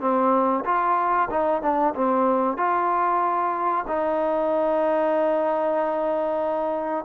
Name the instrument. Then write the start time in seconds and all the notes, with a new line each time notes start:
trombone
0.00 C4
0.65 F4
1.30 D#4
1.62 D4
1.95 C4
2.57 F4
3.87 D#4